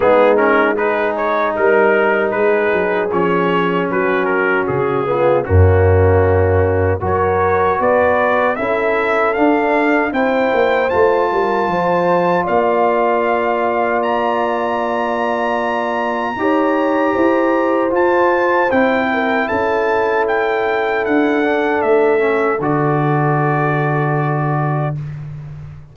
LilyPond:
<<
  \new Staff \with { instrumentName = "trumpet" } { \time 4/4 \tempo 4 = 77 gis'8 ais'8 b'8 cis''8 ais'4 b'4 | cis''4 b'8 ais'8 gis'4 fis'4~ | fis'4 cis''4 d''4 e''4 | f''4 g''4 a''2 |
f''2 ais''2~ | ais''2. a''4 | g''4 a''4 g''4 fis''4 | e''4 d''2. | }
  \new Staff \with { instrumentName = "horn" } { \time 4/4 dis'4 gis'4 ais'4 gis'4~ | gis'4 fis'4. f'8 cis'4~ | cis'4 ais'4 b'4 a'4~ | a'4 c''4. ais'8 c''4 |
d''1~ | d''4 cis''4 c''2~ | c''8 ais'8 a'2.~ | a'1 | }
  \new Staff \with { instrumentName = "trombone" } { \time 4/4 b8 cis'8 dis'2. | cis'2~ cis'8 b8 ais4~ | ais4 fis'2 e'4 | d'4 e'4 f'2~ |
f'1~ | f'4 g'2 f'4 | e'2.~ e'8 d'8~ | d'8 cis'8 fis'2. | }
  \new Staff \with { instrumentName = "tuba" } { \time 4/4 gis2 g4 gis8 fis8 | f4 fis4 cis4 fis,4~ | fis,4 fis4 b4 cis'4 | d'4 c'8 ais8 a8 g8 f4 |
ais1~ | ais4 dis'4 e'4 f'4 | c'4 cis'2 d'4 | a4 d2. | }
>>